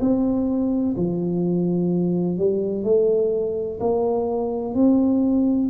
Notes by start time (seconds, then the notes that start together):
0.00 C4
0.97 F3
2.37 G3
2.84 A3
3.80 A#3
4.74 C4